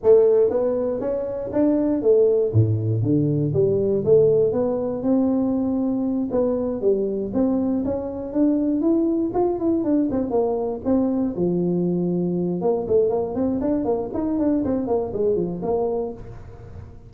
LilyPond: \new Staff \with { instrumentName = "tuba" } { \time 4/4 \tempo 4 = 119 a4 b4 cis'4 d'4 | a4 a,4 d4 g4 | a4 b4 c'2~ | c'8 b4 g4 c'4 cis'8~ |
cis'8 d'4 e'4 f'8 e'8 d'8 | c'8 ais4 c'4 f4.~ | f4 ais8 a8 ais8 c'8 d'8 ais8 | dis'8 d'8 c'8 ais8 gis8 f8 ais4 | }